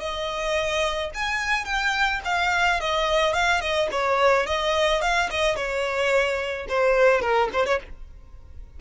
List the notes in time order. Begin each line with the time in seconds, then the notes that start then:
0.00 D#5
1.15 G#5
1.65 G5
2.25 F5
2.81 D#5
3.34 F5
3.61 D#5
3.92 C#5
4.46 D#5
5.02 F5
5.31 D#5
5.56 C#5
6.69 C5
7.22 A#4
7.53 C5
7.66 C#5